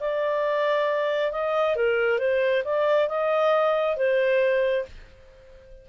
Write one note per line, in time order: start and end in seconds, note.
0.00 1.32 D5
1.32 1.76 D#5
1.76 2.19 A#4
2.19 2.63 C5
2.65 3.09 D5
3.09 3.97 D#5
3.97 4.86 C5